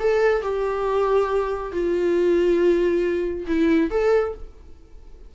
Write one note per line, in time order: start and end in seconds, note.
0.00 0.42 A4
0.42 1.73 G4
1.73 3.46 F4
3.47 3.91 E4
3.91 4.34 A4